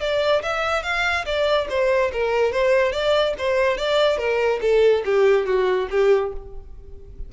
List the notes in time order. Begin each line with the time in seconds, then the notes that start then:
0.00 D5
0.43 E5
0.83 F5
1.25 D5
1.69 C5
2.12 A#4
2.52 C5
2.92 D5
3.38 C5
3.77 D5
4.18 A#4
4.61 A4
5.05 G4
5.46 F#4
5.90 G4